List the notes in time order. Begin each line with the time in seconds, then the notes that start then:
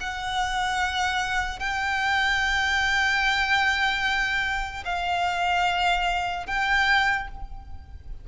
0.00 F#5
1.60 G5
4.85 F5
6.47 G5